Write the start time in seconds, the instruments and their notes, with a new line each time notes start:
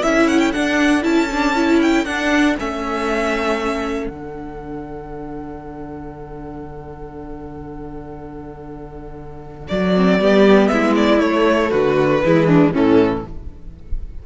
0.00 cello C#4, viola E4, violin A4 E5
0.28 violin F#5
0.39 violin G5
0.52 viola D4, cello D4, violin F#5
1.02 cello C#4, viola E4, violin A5
1.32 viola D4
1.55 viola E4
1.82 violin G5
2.05 cello D4, viola D4, violin F#5
2.58 cello A3, viola C#4, violin E5
4.07 cello D3, viola D4, violin F#5
9.68 cello F#3, violin D5
9.96 viola C4
10.19 cello G3, viola B3, violin G4
10.68 cello G#3, violin E4 E5
10.96 violin D5
11.18 viola A3, cello A3, violin C#5
11.70 cello D3, violin F#4 B4
12.24 cello E3, viola G#3, violin E4
12.47 violin D4
12.73 cello A2, viola E3, violin C#4 A4